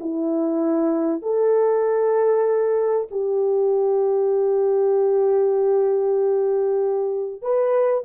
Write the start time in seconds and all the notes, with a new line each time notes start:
0.00 E4
1.22 A4
3.11 G4
7.42 B4